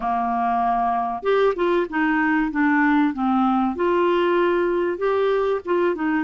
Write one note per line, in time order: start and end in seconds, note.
0.00 1.22 A#3
1.22 1.53 G4
1.55 1.87 F4
1.89 2.51 D#4
2.51 3.13 D4
3.13 3.75 C4
3.75 4.98 F4
4.98 5.60 G4
5.65 5.95 F4
5.95 6.24 D#4